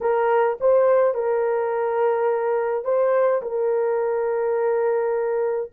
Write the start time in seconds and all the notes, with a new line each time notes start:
0.01 A#4
0.60 C5
1.14 A#4
2.84 C5
3.42 A#4